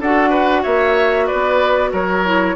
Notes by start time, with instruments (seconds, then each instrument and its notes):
0.00 bassoon D4, clarinet F#4, oboe A4, flute F#5
0.30 oboe B4
0.62 bassoon A#3, oboe C#5, flute E5
1.26 oboe B4, flute D5
1.33 bassoon B3
1.91 bassoon F#3, oboe A#4, flute C#5
2.25 clarinet E4